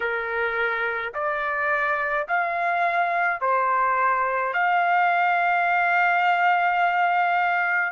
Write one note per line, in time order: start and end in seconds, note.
0.00 1.13 A#4
1.13 2.26 D5
2.27 3.40 F5
3.40 4.53 C5
4.53 7.92 F5